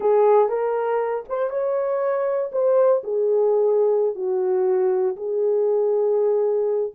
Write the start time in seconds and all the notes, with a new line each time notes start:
0.00 G#4
0.49 A#4
1.28 C5
1.50 C#5
2.52 C5
3.03 G#4
4.15 F#4
5.16 G#4